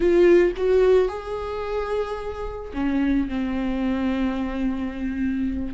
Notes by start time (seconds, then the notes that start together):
0.00 F4
0.56 F#4
1.08 G#4
2.73 C#4
3.28 C4